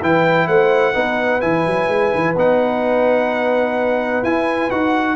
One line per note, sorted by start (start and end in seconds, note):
0.00 0.48 E3
0.00 0.94 E4
0.00 0.47 B4
0.00 0.48 G5
0.47 0.94 A3
0.47 0.94 C5
0.47 1.41 F#5
0.94 1.42 B3
0.94 1.41 D#4
0.94 5.16 B4
1.41 1.66 E3
1.41 2.35 E4
1.41 2.34 G#5
1.66 1.88 F#3
1.88 2.11 G#3
2.14 2.35 E3
2.35 4.22 B3
2.35 4.25 D#4
2.35 4.24 F#5
4.23 4.70 E4
4.23 4.71 E4
4.23 4.70 G#5
4.70 5.16 D#4
4.70 5.16 F#4
4.70 5.16 F#5